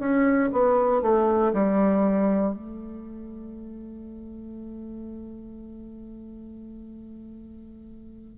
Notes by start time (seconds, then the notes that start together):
0.00 C#4
0.53 B3
1.02 A3
1.53 G3
2.55 A3